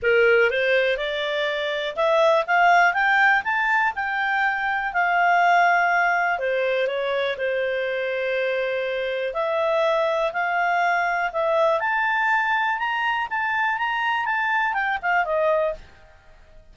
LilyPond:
\new Staff \with { instrumentName = "clarinet" } { \time 4/4 \tempo 4 = 122 ais'4 c''4 d''2 | e''4 f''4 g''4 a''4 | g''2 f''2~ | f''4 c''4 cis''4 c''4~ |
c''2. e''4~ | e''4 f''2 e''4 | a''2 ais''4 a''4 | ais''4 a''4 g''8 f''8 dis''4 | }